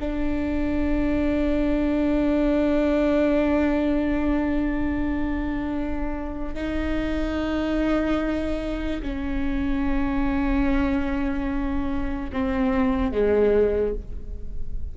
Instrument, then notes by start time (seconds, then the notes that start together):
viola
0.00 D4
6.55 D#4
9.02 C#4
12.33 C4
13.12 G#3